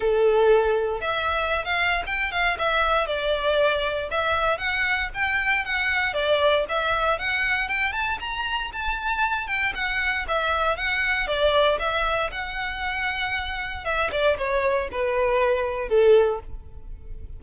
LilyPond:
\new Staff \with { instrumentName = "violin" } { \time 4/4 \tempo 4 = 117 a'2 e''4~ e''16 f''8. | g''8 f''8 e''4 d''2 | e''4 fis''4 g''4 fis''4 | d''4 e''4 fis''4 g''8 a''8 |
ais''4 a''4. g''8 fis''4 | e''4 fis''4 d''4 e''4 | fis''2. e''8 d''8 | cis''4 b'2 a'4 | }